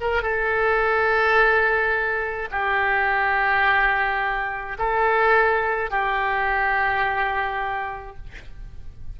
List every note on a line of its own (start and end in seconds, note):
0.00 0.22 A#4
0.22 2.49 A4
2.51 4.77 G4
4.78 5.90 A4
5.90 8.17 G4